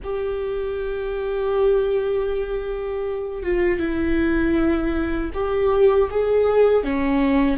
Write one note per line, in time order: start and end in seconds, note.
0.03 3.42 G4
3.42 3.79 F4
3.79 5.31 E4
5.33 6.09 G4
6.10 6.83 G#4
6.83 7.57 C#4